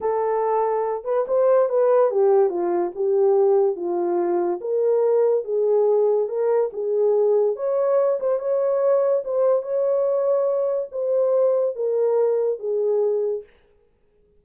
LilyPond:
\new Staff \with { instrumentName = "horn" } { \time 4/4 \tempo 4 = 143 a'2~ a'8 b'8 c''4 | b'4 g'4 f'4 g'4~ | g'4 f'2 ais'4~ | ais'4 gis'2 ais'4 |
gis'2 cis''4. c''8 | cis''2 c''4 cis''4~ | cis''2 c''2 | ais'2 gis'2 | }